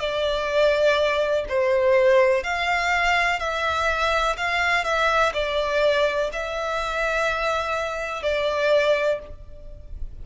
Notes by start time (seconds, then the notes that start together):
0.00 D5
1.49 C5
2.44 F5
3.40 E5
4.37 F5
4.84 E5
5.34 D5
6.33 E5
8.23 D5